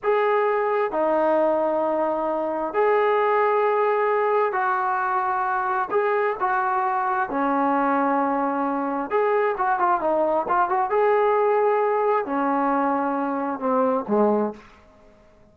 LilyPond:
\new Staff \with { instrumentName = "trombone" } { \time 4/4 \tempo 4 = 132 gis'2 dis'2~ | dis'2 gis'2~ | gis'2 fis'2~ | fis'4 gis'4 fis'2 |
cis'1 | gis'4 fis'8 f'8 dis'4 f'8 fis'8 | gis'2. cis'4~ | cis'2 c'4 gis4 | }